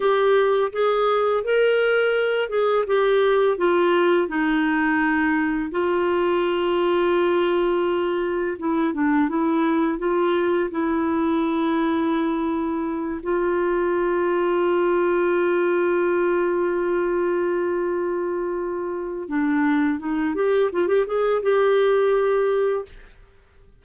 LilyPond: \new Staff \with { instrumentName = "clarinet" } { \time 4/4 \tempo 4 = 84 g'4 gis'4 ais'4. gis'8 | g'4 f'4 dis'2 | f'1 | e'8 d'8 e'4 f'4 e'4~ |
e'2~ e'8 f'4.~ | f'1~ | f'2. d'4 | dis'8 g'8 f'16 g'16 gis'8 g'2 | }